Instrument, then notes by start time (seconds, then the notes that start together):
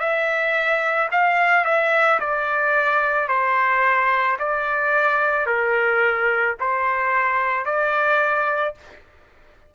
trumpet
0.00 E5
1.12 F5
1.65 E5
2.20 D5
3.29 C5
4.39 D5
5.47 A#4
6.60 C5
7.66 D5